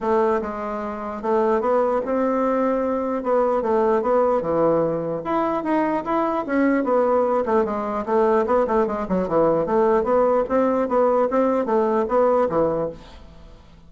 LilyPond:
\new Staff \with { instrumentName = "bassoon" } { \time 4/4 \tempo 4 = 149 a4 gis2 a4 | b4 c'2. | b4 a4 b4 e4~ | e4 e'4 dis'4 e'4 |
cis'4 b4. a8 gis4 | a4 b8 a8 gis8 fis8 e4 | a4 b4 c'4 b4 | c'4 a4 b4 e4 | }